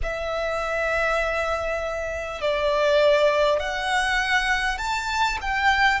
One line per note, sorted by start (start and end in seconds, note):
0.02 2.41 E5
2.41 3.59 D5
3.59 4.78 F#5
4.78 5.38 A5
5.41 6.00 G5